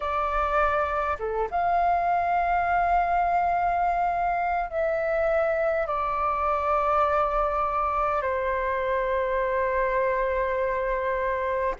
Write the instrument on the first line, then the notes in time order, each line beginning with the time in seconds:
flute
0.00 D5
1.19 A4
1.50 F5
4.70 E5
5.87 D5
8.21 C5